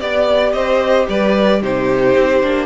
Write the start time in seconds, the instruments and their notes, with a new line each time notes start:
0.00 cello B3, viola G4, violin D5
0.53 cello C4, violin C5 D#5
1.09 cello G3, violin B4 D5
1.62 cello C3, viola D#4, violin G4 C5
2.16 cello C4
2.43 cello A#3, viola D4